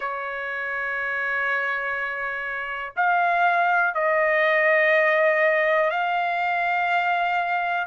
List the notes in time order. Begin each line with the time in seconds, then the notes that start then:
0.00 C#5
2.96 F5
3.94 D#5
5.90 F5